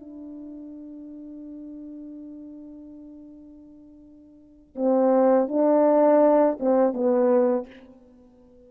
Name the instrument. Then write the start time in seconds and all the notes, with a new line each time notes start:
horn
0.00 D4
4.75 C4
5.48 D4
6.60 C4
6.93 B3